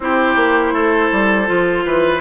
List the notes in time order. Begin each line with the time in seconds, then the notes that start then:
0.00 C4 E4 G4 C5
0.35 A#3
0.72 A3 A4
1.11 G3
1.46 F3 F4
1.85 E3 B4